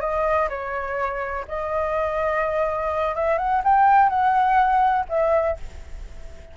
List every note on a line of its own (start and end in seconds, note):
0.00 0.48 D#5
0.49 1.45 C#5
1.47 3.15 D#5
3.15 3.38 E5
3.38 3.62 F#5
3.63 4.09 G5
4.09 5.05 F#5
5.08 5.56 E5